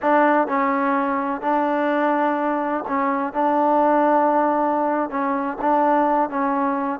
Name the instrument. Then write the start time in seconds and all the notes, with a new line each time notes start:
trombone
0.02 D4
0.47 C#4
1.41 D4
2.87 C#4
3.33 D4
5.10 C#4
5.61 D4
6.29 C#4